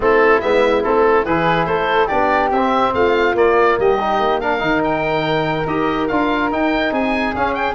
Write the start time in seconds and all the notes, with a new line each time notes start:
0.00 A3 C4 E4 A4
0.41 G#3 B3 E5
0.83 A3 C4 A4
1.25 E3 E4 G#4 B4
1.65 A3 A4 C5
2.07 B3 D4 G4 D5
2.51 C4 E5
2.93 A3 F4 F5
3.34 A#3 D5
3.79 G3 G4 D#5
4.00 D#4
4.19 A#3
4.40 D4 A#4 F5
4.59 D#3 D#4
4.84 G5
5.66 D#4 G4 D#5
6.07 D4 F4 F5
6.51 D#4 G5
6.91 C4 G#4 G#5
7.34 C#4 F5
7.54 G5